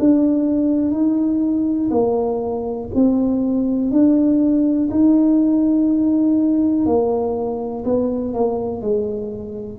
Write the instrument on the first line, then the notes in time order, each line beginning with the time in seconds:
tuba
0.00 D4
0.92 D#4
1.91 A#3
2.95 C4
3.91 D4
4.91 D#4
6.86 A#3
7.85 B3
8.34 A#3
8.82 G#3